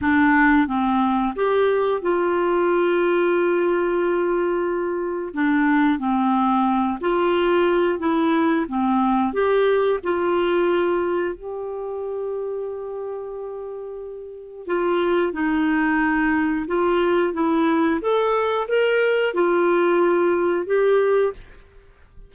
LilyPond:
\new Staff \with { instrumentName = "clarinet" } { \time 4/4 \tempo 4 = 90 d'4 c'4 g'4 f'4~ | f'1 | d'4 c'4. f'4. | e'4 c'4 g'4 f'4~ |
f'4 g'2.~ | g'2 f'4 dis'4~ | dis'4 f'4 e'4 a'4 | ais'4 f'2 g'4 | }